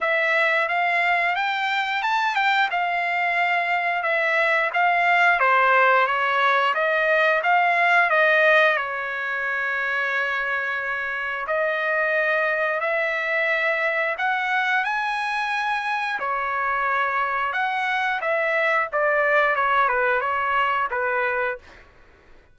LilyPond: \new Staff \with { instrumentName = "trumpet" } { \time 4/4 \tempo 4 = 89 e''4 f''4 g''4 a''8 g''8 | f''2 e''4 f''4 | c''4 cis''4 dis''4 f''4 | dis''4 cis''2.~ |
cis''4 dis''2 e''4~ | e''4 fis''4 gis''2 | cis''2 fis''4 e''4 | d''4 cis''8 b'8 cis''4 b'4 | }